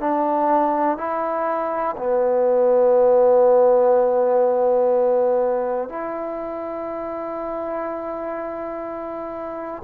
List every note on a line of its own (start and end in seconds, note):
0.00 0.97 D4
0.97 1.96 E4
1.98 5.89 B3
5.89 9.83 E4